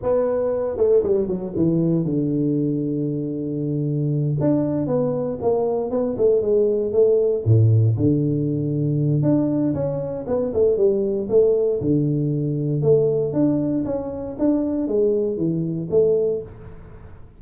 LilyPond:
\new Staff \with { instrumentName = "tuba" } { \time 4/4 \tempo 4 = 117 b4. a8 g8 fis8 e4 | d1~ | d8 d'4 b4 ais4 b8 | a8 gis4 a4 a,4 d8~ |
d2 d'4 cis'4 | b8 a8 g4 a4 d4~ | d4 a4 d'4 cis'4 | d'4 gis4 e4 a4 | }